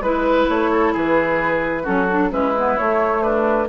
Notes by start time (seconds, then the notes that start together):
0.00 G#3 E4 B4
0.48 A3 C#5
0.72 A4
0.93 E3 G#4 B4
1.83 F#3 C#4 F#4 A4
2.11 D4
2.30 G#3 C#4 E4 B4
2.57 B3
2.77 A3 C#5
3.22 D4 B4